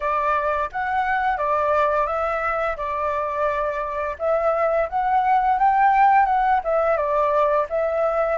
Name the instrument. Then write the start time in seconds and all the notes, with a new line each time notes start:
flute
0.00 D5
0.72 F#5
1.37 D5
2.06 E5
2.77 D5
4.19 E5
4.89 F#5
5.58 G5
6.25 F#5
6.64 E5
6.96 D5
7.69 E5